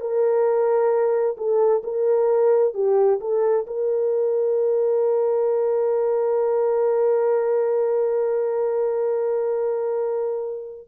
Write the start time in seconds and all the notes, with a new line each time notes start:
0.00 A#4
1.37 A4
1.83 A#4
2.74 G4
3.20 A4
3.67 A#4